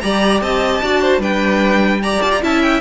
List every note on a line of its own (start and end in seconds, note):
0.00 0.41 G3
0.00 0.82 G4
0.00 0.43 D5
0.00 0.40 A#5
0.41 0.81 C4
0.41 0.83 D#5
0.41 1.22 A5
0.82 1.18 D4
0.82 1.20 F#4
0.82 1.01 D5
1.01 1.20 C5
1.18 2.18 G3
1.18 2.00 D4
1.18 2.00 B4
1.18 2.02 G5
2.02 2.41 G4
2.02 2.43 D5
2.02 2.22 A#5
2.22 2.42 F4
2.22 2.31 A5
2.31 2.41 A#5
2.41 2.81 C#4
2.41 2.81 E4
2.41 2.81 E5
2.41 2.62 A5
2.62 2.81 G5